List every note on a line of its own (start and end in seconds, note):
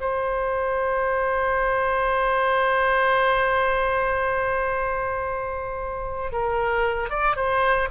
0.00 6.32 C5
6.32 7.10 A#4
7.10 7.35 D5
7.35 7.88 C5